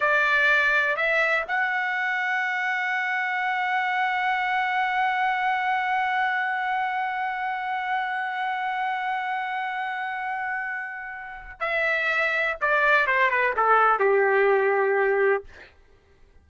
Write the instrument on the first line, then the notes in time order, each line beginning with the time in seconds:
trumpet
0.00 D5
0.96 E5
1.47 F#5
11.60 E5
12.61 D5
13.06 C5
13.30 B4
13.56 A4
13.99 G4